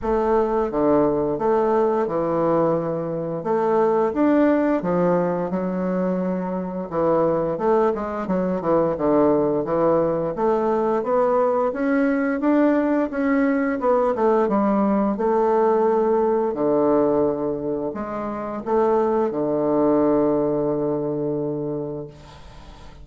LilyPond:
\new Staff \with { instrumentName = "bassoon" } { \time 4/4 \tempo 4 = 87 a4 d4 a4 e4~ | e4 a4 d'4 f4 | fis2 e4 a8 gis8 | fis8 e8 d4 e4 a4 |
b4 cis'4 d'4 cis'4 | b8 a8 g4 a2 | d2 gis4 a4 | d1 | }